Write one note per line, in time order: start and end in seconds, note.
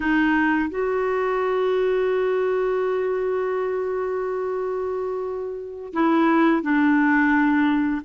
0.00 0.69 D#4
0.69 5.93 F#4
5.93 6.62 E4
6.62 8.01 D4